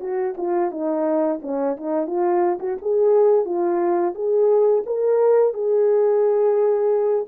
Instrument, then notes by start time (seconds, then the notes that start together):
horn
0.00 F#4
0.37 F4
0.71 D#4
1.42 C#4
1.77 D#4
2.07 F4
2.60 F#4
2.82 G#4
3.45 F4
4.15 G#4
4.86 A#4
5.54 G#4